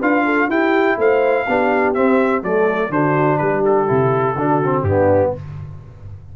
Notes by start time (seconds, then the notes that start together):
0.00 D4 F4 B4 F5
0.26 A4
0.49 E4 G4 G5
0.98 A3 C5 F5
1.49 B3 D4 G4
1.94 C4 E5
2.43 F#3 A3 A4 D5
2.90 D3 D4 F#4 C5
3.38 G3 G4 B4
3.66 A4
3.87 C3 E4
4.36 D3 D4 F#4
4.65 C4
4.83 G2 B3 D4 G4